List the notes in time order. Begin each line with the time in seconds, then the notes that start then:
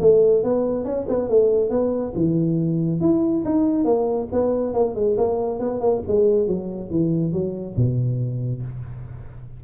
0.00 A3
0.43 B3
0.84 C#4
1.09 B3
1.29 A3
1.70 B3
2.15 E3
3.00 E4
3.45 D#4
3.85 A#3
4.32 B3
4.73 A#3
4.95 G#3
5.17 A#3
5.59 B3
5.80 A#3
6.07 G#3
6.47 F#3
6.90 E3
7.32 F#3
7.76 B2